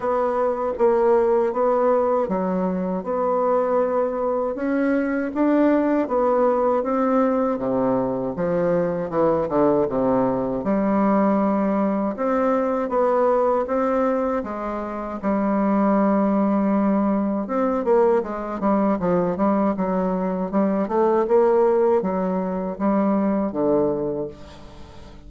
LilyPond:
\new Staff \with { instrumentName = "bassoon" } { \time 4/4 \tempo 4 = 79 b4 ais4 b4 fis4 | b2 cis'4 d'4 | b4 c'4 c4 f4 | e8 d8 c4 g2 |
c'4 b4 c'4 gis4 | g2. c'8 ais8 | gis8 g8 f8 g8 fis4 g8 a8 | ais4 fis4 g4 d4 | }